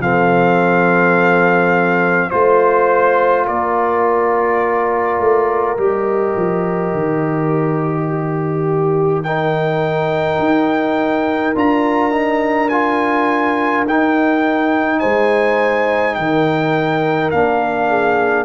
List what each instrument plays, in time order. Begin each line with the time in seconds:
0.00 tuba F3, trombone C4, horn A4, trumpet F5
2.30 tuba A3, trombone F4, horn C5, trumpet C5
3.46 tuba A#3, horn A#4, trumpet D5
5.20 tuba A3
5.78 tuba G3, trombone G4, trumpet D#5
6.37 tuba F3
6.94 tuba D#3
8.09 horn G4
9.24 trombone D#4, horn A#4, trumpet G5
10.39 tuba D#4
11.56 tuba D4, trombone F4, trumpet A#5
12.12 trombone D#4
12.70 trombone F4, trumpet G#5
13.86 tuba D#4, trombone D#4, trumpet G5
15.00 tuba G#3, horn C5, trumpet G#5
16.15 tuba D#3, horn A#4, trumpet G5
17.31 tuba A#3, trombone D4, trumpet F5
17.89 horn G#4